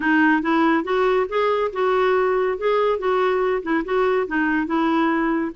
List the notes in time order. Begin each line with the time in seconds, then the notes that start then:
0.00 D#4
0.41 E4
0.84 F#4
1.28 G#4
1.72 F#4
2.57 G#4
2.98 F#4
3.62 E4
3.85 F#4
4.27 D#4
4.66 E4